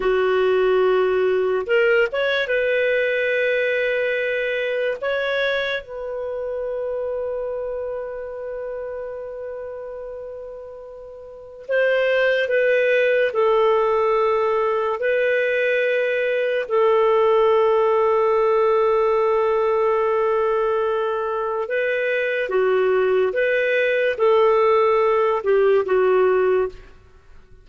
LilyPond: \new Staff \with { instrumentName = "clarinet" } { \time 4/4 \tempo 4 = 72 fis'2 ais'8 cis''8 b'4~ | b'2 cis''4 b'4~ | b'1~ | b'2 c''4 b'4 |
a'2 b'2 | a'1~ | a'2 b'4 fis'4 | b'4 a'4. g'8 fis'4 | }